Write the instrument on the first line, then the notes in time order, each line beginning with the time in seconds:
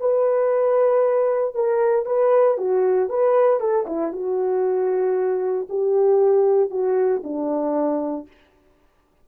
horn
0.00 B4
1.55 A#4
2.06 B4
2.58 F#4
3.09 B4
3.60 A4
3.87 E4
4.12 F#4
5.69 G4
6.71 F#4
7.24 D4